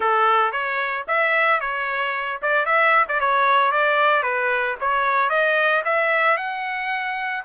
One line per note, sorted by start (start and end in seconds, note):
0.00 0.52 A4
0.52 1.05 C#5
1.07 1.60 E5
1.60 2.39 C#5
2.42 2.65 D5
2.65 3.05 E5
3.08 3.20 D5
3.20 3.71 C#5
3.71 4.22 D5
4.22 4.75 B4
4.80 5.29 C#5
5.29 5.82 D#5
5.85 6.37 E5
6.37 7.43 F#5